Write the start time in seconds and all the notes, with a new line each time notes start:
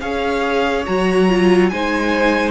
0.00 C#4 G#4 C#5 F5
0.86 F#3 F#4 A#5
1.29 F4
1.69 G#3 D#4 C5 G#5